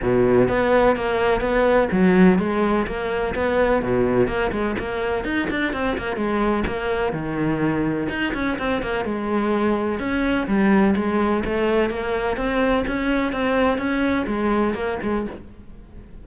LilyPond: \new Staff \with { instrumentName = "cello" } { \time 4/4 \tempo 4 = 126 b,4 b4 ais4 b4 | fis4 gis4 ais4 b4 | b,4 ais8 gis8 ais4 dis'8 d'8 | c'8 ais8 gis4 ais4 dis4~ |
dis4 dis'8 cis'8 c'8 ais8 gis4~ | gis4 cis'4 g4 gis4 | a4 ais4 c'4 cis'4 | c'4 cis'4 gis4 ais8 gis8 | }